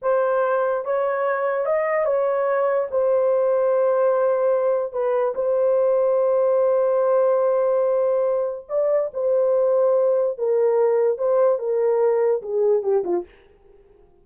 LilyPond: \new Staff \with { instrumentName = "horn" } { \time 4/4 \tempo 4 = 145 c''2 cis''2 | dis''4 cis''2 c''4~ | c''1 | b'4 c''2.~ |
c''1~ | c''4 d''4 c''2~ | c''4 ais'2 c''4 | ais'2 gis'4 g'8 f'8 | }